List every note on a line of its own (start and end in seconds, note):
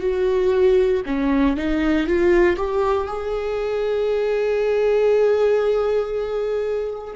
0.00 1.02 F#4
1.06 1.56 C#4
1.56 2.07 D#4
2.07 2.57 F4
2.57 3.07 G4
3.07 7.14 G#4